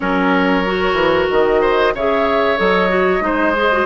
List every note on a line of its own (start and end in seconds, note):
0.00 0.93 F#3
0.00 0.65 C#4
0.00 1.61 A#4
0.00 1.27 C#5
0.65 1.94 F#4
0.93 1.25 E3
1.30 1.94 D#3
1.30 1.94 D#5
1.61 1.93 C5
1.94 2.58 C#3
1.94 2.57 G#4
1.94 3.23 C#5
1.94 2.58 E5
2.57 3.20 F#3
2.57 2.88 A4
2.57 3.86 D#5
2.88 3.20 F#4
3.20 3.85 G#3
3.20 3.52 D#4
3.20 3.86 C5
3.55 3.71 G#4
3.72 3.86 F#4